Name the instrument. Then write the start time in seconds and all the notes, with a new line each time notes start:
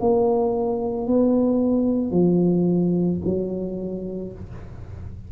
tuba
0.00 A#3
1.07 B3
2.11 F3
3.25 F#3